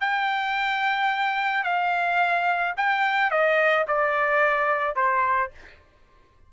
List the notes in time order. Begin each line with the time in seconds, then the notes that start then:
0.00 G5
1.63 F5
2.76 G5
3.30 D#5
3.87 D5
4.95 C5